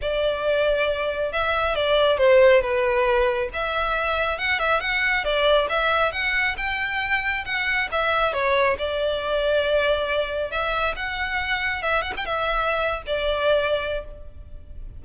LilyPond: \new Staff \with { instrumentName = "violin" } { \time 4/4 \tempo 4 = 137 d''2. e''4 | d''4 c''4 b'2 | e''2 fis''8 e''8 fis''4 | d''4 e''4 fis''4 g''4~ |
g''4 fis''4 e''4 cis''4 | d''1 | e''4 fis''2 e''8 fis''16 g''16 | e''4.~ e''16 d''2~ d''16 | }